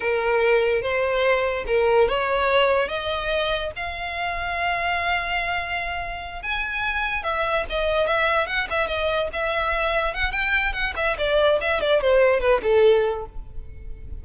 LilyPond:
\new Staff \with { instrumentName = "violin" } { \time 4/4 \tempo 4 = 145 ais'2 c''2 | ais'4 cis''2 dis''4~ | dis''4 f''2.~ | f''2.~ f''8 gis''8~ |
gis''4. e''4 dis''4 e''8~ | e''8 fis''8 e''8 dis''4 e''4.~ | e''8 fis''8 g''4 fis''8 e''8 d''4 | e''8 d''8 c''4 b'8 a'4. | }